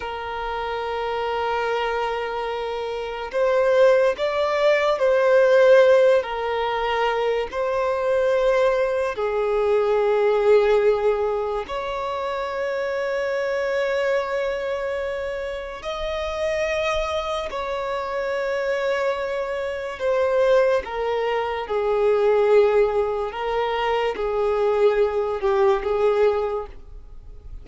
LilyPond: \new Staff \with { instrumentName = "violin" } { \time 4/4 \tempo 4 = 72 ais'1 | c''4 d''4 c''4. ais'8~ | ais'4 c''2 gis'4~ | gis'2 cis''2~ |
cis''2. dis''4~ | dis''4 cis''2. | c''4 ais'4 gis'2 | ais'4 gis'4. g'8 gis'4 | }